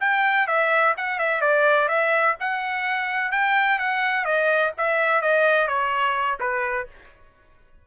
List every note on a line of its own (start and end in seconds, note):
0.00 0.47 G5
0.47 0.94 E5
0.97 1.19 F#5
1.19 1.41 E5
1.41 1.88 D5
1.88 2.35 E5
2.40 3.31 F#5
3.31 3.78 G5
3.78 4.25 F#5
4.25 4.72 D#5
4.77 5.21 E5
5.21 5.67 D#5
5.67 6.38 C#5
6.40 6.87 B4